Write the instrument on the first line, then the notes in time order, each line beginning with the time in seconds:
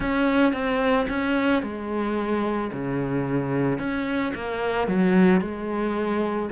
cello
0.00 C#4
0.52 C4
1.08 C#4
1.62 G#3
2.72 C#3
3.78 C#4
4.35 A#3
4.87 F#3
5.41 G#3